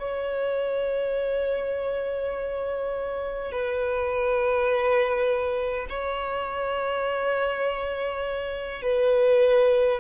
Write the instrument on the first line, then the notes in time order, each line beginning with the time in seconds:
violin
0.00 C#5
3.52 B4
5.89 C#5
8.83 B4